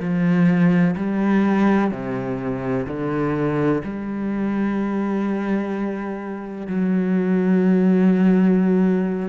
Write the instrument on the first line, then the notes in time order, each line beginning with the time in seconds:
cello
0.00 F3
0.97 G3
1.92 C3
2.87 D3
3.84 G3
6.68 F#3